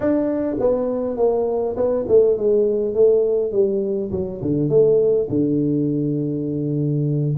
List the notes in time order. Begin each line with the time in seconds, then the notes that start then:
0.00 D4
0.59 B3
1.16 A#3
1.76 B3
2.07 A3
2.37 G#3
2.94 A3
3.51 G3
4.11 F#3
4.41 D3
4.69 A3
5.29 D3